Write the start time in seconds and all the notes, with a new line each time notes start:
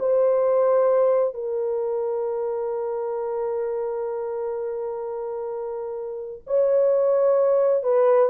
0.00 C5
1.34 A#4
6.47 C#5
7.84 B4